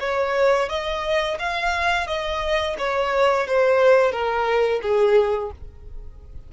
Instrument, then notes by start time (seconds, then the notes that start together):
violin
0.00 C#5
0.69 D#5
1.39 F5
2.07 D#5
2.78 C#5
3.47 C5
4.12 A#4
4.82 G#4